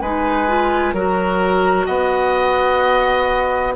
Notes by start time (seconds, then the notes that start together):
0.00 G#3 D#4 B4 G#5
0.48 F4
0.94 F#3 F#4 A#4 A#5
1.86 B3 D#5 F#5